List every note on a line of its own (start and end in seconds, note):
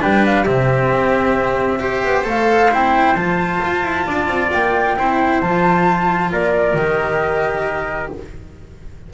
0.00 0.47 G3
0.00 0.45 D4
0.00 0.45 B4
0.00 0.25 G5
0.25 0.44 F5
0.44 0.91 C3
0.44 1.80 C4
0.44 1.80 G4
0.44 2.25 E5
0.91 2.04 C4
1.80 2.25 G4
1.80 4.07 C5
2.04 2.26 B3
2.25 2.71 A3
2.25 2.70 A4
2.25 2.74 F5
2.71 3.15 C4
2.71 3.16 E4
2.71 3.16 G5
3.15 3.60 F3
3.15 4.98 F4
3.15 4.52 A5
3.64 3.83 F4
3.83 4.06 E4
4.07 4.28 D4
4.07 4.97 D5
4.28 4.50 C4
4.53 4.97 A#3
4.53 5.42 G5
4.97 5.42 C4
4.97 5.43 E4
4.97 6.32 C5
5.42 6.33 F3
5.42 6.78 F4
5.42 6.32 A5
6.32 6.74 A#3
6.32 8.13 A#4
6.32 6.77 D5
6.74 8.09 D#3
6.74 8.14 G4
6.74 8.12 D#5